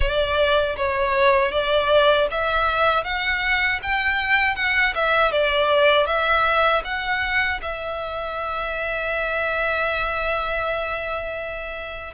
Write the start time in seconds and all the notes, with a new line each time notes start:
0.00 D5
0.76 C#5
1.51 D5
2.31 E5
3.03 F#5
3.82 G5
4.55 F#5
4.94 E5
5.31 D5
6.06 E5
6.84 F#5
7.62 E5